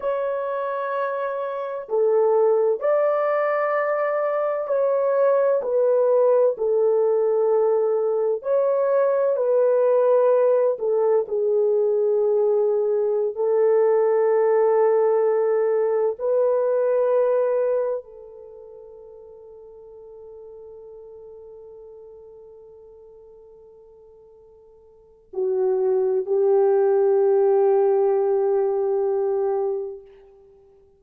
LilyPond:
\new Staff \with { instrumentName = "horn" } { \time 4/4 \tempo 4 = 64 cis''2 a'4 d''4~ | d''4 cis''4 b'4 a'4~ | a'4 cis''4 b'4. a'8 | gis'2~ gis'16 a'4.~ a'16~ |
a'4~ a'16 b'2 a'8.~ | a'1~ | a'2. fis'4 | g'1 | }